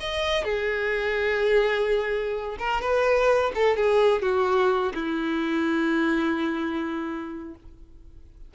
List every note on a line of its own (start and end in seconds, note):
0.00 0.44 D#5
0.44 2.57 G#4
2.59 2.81 A#4
2.81 3.52 B4
3.55 3.76 A4
3.76 4.22 G#4
4.22 4.93 F#4
4.95 7.54 E4